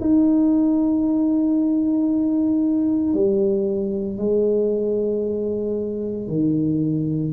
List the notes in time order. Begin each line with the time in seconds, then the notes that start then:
0.00 D#4
3.13 G3
4.18 G#3
6.28 D#3